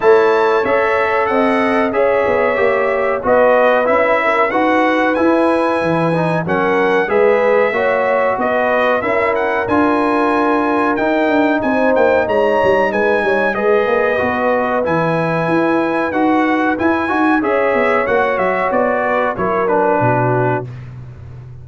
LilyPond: <<
  \new Staff \with { instrumentName = "trumpet" } { \time 4/4 \tempo 4 = 93 a''4 e''4 fis''4 e''4~ | e''4 dis''4 e''4 fis''4 | gis''2 fis''4 e''4~ | e''4 dis''4 e''8 fis''8 gis''4~ |
gis''4 g''4 gis''8 g''8 ais''4 | gis''4 dis''2 gis''4~ | gis''4 fis''4 gis''4 e''4 | fis''8 e''8 d''4 cis''8 b'4. | }
  \new Staff \with { instrumentName = "horn" } { \time 4/4 cis''2 dis''4 cis''4~ | cis''4 b'4. ais'8 b'4~ | b'2 ais'4 b'4 | cis''4 b'4 ais'2~ |
ais'2 c''4 cis''4 | b'8 cis''8 b'2.~ | b'2. cis''4~ | cis''4. b'8 ais'4 fis'4 | }
  \new Staff \with { instrumentName = "trombone" } { \time 4/4 e'4 a'2 gis'4 | g'4 fis'4 e'4 fis'4 | e'4. dis'8 cis'4 gis'4 | fis'2 e'4 f'4~ |
f'4 dis'2.~ | dis'4 gis'4 fis'4 e'4~ | e'4 fis'4 e'8 fis'8 gis'4 | fis'2 e'8 d'4. | }
  \new Staff \with { instrumentName = "tuba" } { \time 4/4 a4 cis'4 c'4 cis'8 b8 | ais4 b4 cis'4 dis'4 | e'4 e4 fis4 gis4 | ais4 b4 cis'4 d'4~ |
d'4 dis'8 d'8 c'8 ais8 gis8 g8 | gis8 g8 gis8 ais8 b4 e4 | e'4 dis'4 e'8 dis'8 cis'8 b8 | ais8 fis8 b4 fis4 b,4 | }
>>